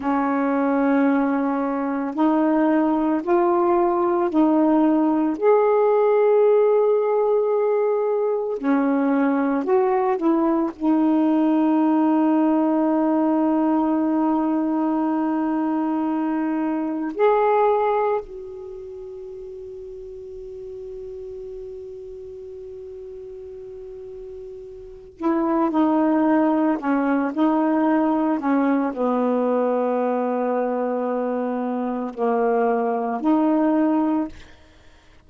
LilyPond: \new Staff \with { instrumentName = "saxophone" } { \time 4/4 \tempo 4 = 56 cis'2 dis'4 f'4 | dis'4 gis'2. | cis'4 fis'8 e'8 dis'2~ | dis'1 |
gis'4 fis'2.~ | fis'2.~ fis'8 e'8 | dis'4 cis'8 dis'4 cis'8 b4~ | b2 ais4 dis'4 | }